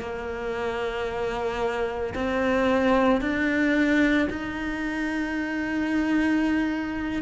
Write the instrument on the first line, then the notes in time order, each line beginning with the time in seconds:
cello
0.00 A#3
2.15 C4
3.21 D4
4.30 D#4